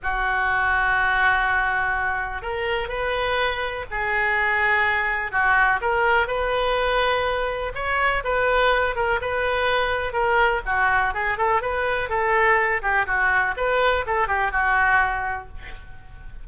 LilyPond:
\new Staff \with { instrumentName = "oboe" } { \time 4/4 \tempo 4 = 124 fis'1~ | fis'4 ais'4 b'2 | gis'2. fis'4 | ais'4 b'2. |
cis''4 b'4. ais'8 b'4~ | b'4 ais'4 fis'4 gis'8 a'8 | b'4 a'4. g'8 fis'4 | b'4 a'8 g'8 fis'2 | }